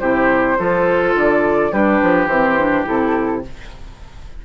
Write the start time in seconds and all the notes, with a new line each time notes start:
0.00 C3 E4 G4 C5
0.58 F3 F4 A4
1.15 D3 D5
1.72 G3 D4 G4 B4
2.03 F3
2.27 E3 C4 C5
2.59 D4
2.85 C3 E4 A4